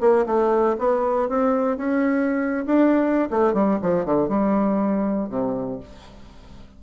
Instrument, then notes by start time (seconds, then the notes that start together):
bassoon
0.00 A#3
0.26 A3
0.78 B3
1.29 C4
1.77 C#4
2.66 D4
3.30 A3
3.53 G3
3.82 F3
4.05 D3
4.28 G3
5.29 C3